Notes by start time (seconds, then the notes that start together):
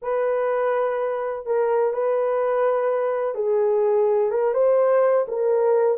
0.02 B4
1.46 A#4
1.93 B4
3.34 G#4
4.31 A#4
4.54 C5
5.28 A#4